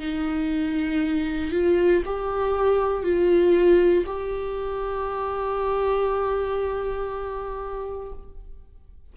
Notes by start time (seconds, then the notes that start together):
0.00 D#4
1.53 F4
2.06 G4
3.03 F4
4.06 G4